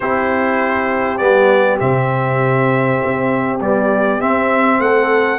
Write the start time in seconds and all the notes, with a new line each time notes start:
0.00 C4 E4 G4 C5
1.17 G3 B3 D5
1.79 C3 C4 E5
3.04 C4
3.60 G3 B3 D5
4.20 C4 E5
4.79 A3 A4 F#5